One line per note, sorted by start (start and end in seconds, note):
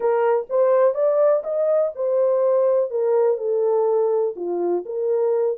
0.00 0.47 A#4
0.49 0.94 C5
0.94 1.43 D5
1.43 1.92 D#5
1.95 2.90 C5
2.90 3.37 A#4
3.37 4.34 A4
4.35 4.84 F4
4.85 5.57 A#4